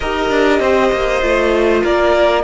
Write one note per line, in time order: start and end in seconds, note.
0.00 0.30 D#4
0.00 1.21 G4
0.00 0.60 A#4
0.00 1.84 D#5
0.30 0.59 D4
0.59 0.90 C4
0.59 1.82 C5
0.92 1.22 A#3
1.21 1.83 A3
1.21 2.43 F4
1.82 2.43 A#3
1.82 2.43 A#4
1.82 2.43 D5